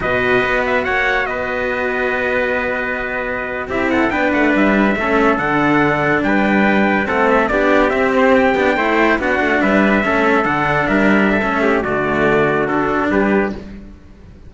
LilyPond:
<<
  \new Staff \with { instrumentName = "trumpet" } { \time 4/4 \tempo 4 = 142 dis''4. e''8 fis''4 dis''4~ | dis''1~ | dis''8. e''8 fis''8 g''8 fis''8 e''4~ e''16~ | e''8. fis''2 g''4~ g''16~ |
g''8. fis''8 e''8 d''4 e''8 c''8 g''16~ | g''4.~ g''16 fis''4 e''4~ e''16~ | e''8. fis''4 e''2~ e''16 | d''2 a'4 b'4 | }
  \new Staff \with { instrumentName = "trumpet" } { \time 4/4 b'2 cis''4 b'4~ | b'1~ | b'8. g'8 a'8 b'2 a'16~ | a'2~ a'8. b'4~ b'16~ |
b'8. a'4 g'2~ g'16~ | g'8. c''4 fis'4 b'4 a'16~ | a'4.~ a'16 ais'4 a'8. g'8 | fis'2. g'4 | }
  \new Staff \with { instrumentName = "cello" } { \time 4/4 fis'1~ | fis'1~ | fis'8. e'4 d'2 cis'16~ | cis'8. d'2.~ d'16~ |
d'8. c'4 d'4 c'4~ c'16~ | c'16 d'8 e'4 d'2 cis'16~ | cis'8. d'2~ d'16 cis'4 | a2 d'2 | }
  \new Staff \with { instrumentName = "cello" } { \time 4/4 b,4 b4 ais4 b4~ | b1~ | b8. c'4 b8 a8 g4 a16~ | a8. d2 g4~ g16~ |
g8. a4 b4 c'4~ c'16~ | c'16 b8 a4 b8 a8 g4 a16~ | a8. d4 g4~ g16 a4 | d2. g4 | }
>>